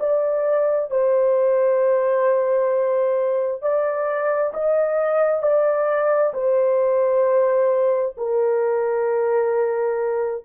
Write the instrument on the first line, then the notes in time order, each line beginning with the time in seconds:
horn
0.00 D5
0.90 C5
3.62 D5
4.54 D#5
5.43 D5
6.34 C5
8.18 A#4